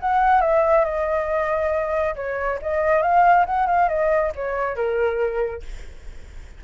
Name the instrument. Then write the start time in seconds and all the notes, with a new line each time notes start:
flute
0.00 F#5
0.41 E5
0.85 D#5
2.15 C#5
2.62 D#5
3.02 F5
3.46 F#5
3.67 F5
3.89 D#5
4.36 C#5
4.76 A#4